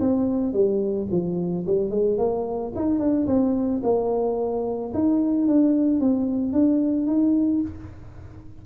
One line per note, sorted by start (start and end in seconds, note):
0.00 0.53 C4
0.53 1.07 G3
1.11 1.65 F3
1.66 1.90 G3
1.90 2.18 G#3
2.18 2.72 A#3
2.75 2.99 D#4
2.99 3.26 D4
3.27 3.81 C4
3.83 4.92 A#3
4.94 5.47 D#4
5.47 6.00 D4
6.00 6.53 C4
6.53 7.07 D4
7.07 7.61 D#4